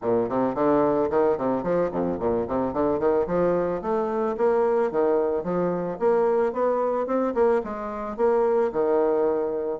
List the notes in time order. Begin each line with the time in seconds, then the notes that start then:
0.02 A#2
0.29 C3
0.55 D3
1.10 D#3
1.37 C3
1.63 F3
1.91 F2
2.19 A#2
2.47 C3
2.73 D3
2.99 D#3
3.27 F3
3.81 A3
4.37 A#3
4.91 D#3
5.43 F3
5.99 A#3
6.52 B3
7.06 C4
7.34 A#3
7.63 G#3
8.16 A#3
8.72 D#3